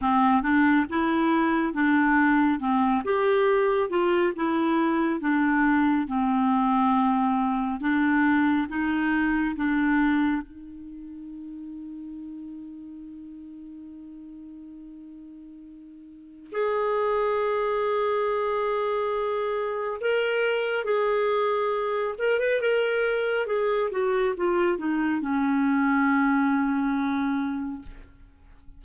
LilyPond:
\new Staff \with { instrumentName = "clarinet" } { \time 4/4 \tempo 4 = 69 c'8 d'8 e'4 d'4 c'8 g'8~ | g'8 f'8 e'4 d'4 c'4~ | c'4 d'4 dis'4 d'4 | dis'1~ |
dis'2. gis'4~ | gis'2. ais'4 | gis'4. ais'16 b'16 ais'4 gis'8 fis'8 | f'8 dis'8 cis'2. | }